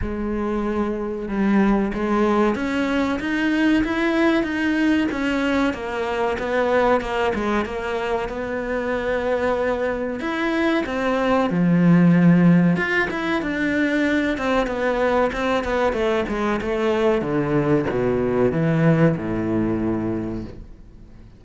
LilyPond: \new Staff \with { instrumentName = "cello" } { \time 4/4 \tempo 4 = 94 gis2 g4 gis4 | cis'4 dis'4 e'4 dis'4 | cis'4 ais4 b4 ais8 gis8 | ais4 b2. |
e'4 c'4 f2 | f'8 e'8 d'4. c'8 b4 | c'8 b8 a8 gis8 a4 d4 | b,4 e4 a,2 | }